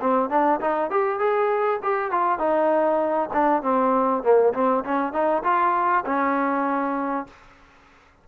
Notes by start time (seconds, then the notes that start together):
0.00 C4
0.29 D4
0.60 D#4
0.90 G4
1.19 G#4
1.83 G4
2.11 F4
2.39 D#4
3.33 D4
3.62 C4
4.23 A#3
4.53 C4
4.84 C#4
5.12 D#4
5.44 F4
6.05 C#4